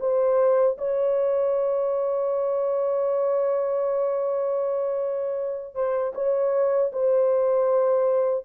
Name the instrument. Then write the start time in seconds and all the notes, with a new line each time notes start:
horn
0.00 C5
0.78 C#5
5.75 C5
6.15 C#5
6.92 C5